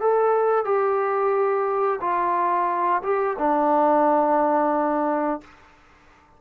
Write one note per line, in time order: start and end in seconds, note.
0.00 0.64 A4
0.64 1.99 G4
2.00 3.02 F4
3.02 3.36 G4
3.38 5.40 D4